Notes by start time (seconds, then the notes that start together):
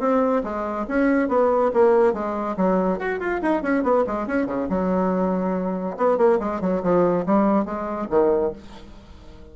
0.00 C4
0.44 G#3
0.88 C#4
1.29 B3
1.74 A#3
2.13 G#3
2.57 F#3
2.99 F#4
3.20 F4
3.42 D#4
3.62 C#4
3.83 B3
4.07 G#3
4.27 C#4
4.47 C#3
4.69 F#3
5.97 B3
6.18 A#3
6.40 G#3
6.61 F#3
6.83 F3
7.26 G3
7.65 G#3
8.10 D#3